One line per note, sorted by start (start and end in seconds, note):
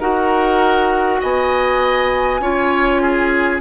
0.00 1.20 D#4
0.00 2.41 F#4
0.00 1.20 A#4
0.00 1.21 F#5
1.21 2.40 B3
1.21 2.41 D#5
1.21 3.60 G#5
2.40 3.60 C#4
2.40 3.60 F4
2.40 3.02 C#5
3.02 3.60 G#4